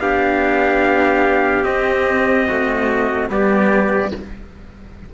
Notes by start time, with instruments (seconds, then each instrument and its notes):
0.00 cello B3 D4, trumpet G4 F5
1.63 cello C4, trumpet D#5
2.47 cello A3, trumpet F#4
3.29 cello G3 B3, trumpet G4 D5